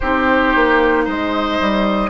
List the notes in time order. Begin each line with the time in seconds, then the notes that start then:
0.00 C4 D#4 G4 C5
0.55 A#3
1.04 G#3 C5 D#5
1.60 G3